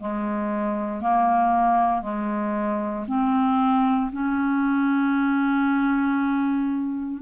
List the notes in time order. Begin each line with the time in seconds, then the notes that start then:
0.00 G#3
1.01 A#3
2.02 G#3
3.08 C4
4.13 C#4